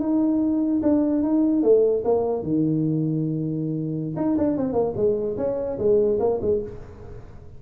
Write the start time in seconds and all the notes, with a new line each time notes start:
0.00 D#4
0.83 D4
1.23 D#4
1.63 A3
2.05 A#3
2.43 D#3
4.16 D#4
4.38 D4
4.57 C4
4.73 A#3
4.96 G#3
5.37 C#4
5.78 G#3
6.20 A#3
6.42 G#3